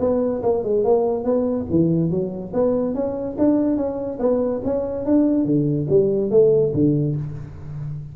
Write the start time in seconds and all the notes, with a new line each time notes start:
0.00 B3
0.43 A#3
0.64 G#3
0.85 A#3
1.25 B3
1.71 E3
2.11 F#3
2.54 B3
2.95 C#4
3.39 D4
3.77 C#4
4.20 B3
4.65 C#4
5.06 D4
5.45 D3
5.90 G3
6.31 A3
6.74 D3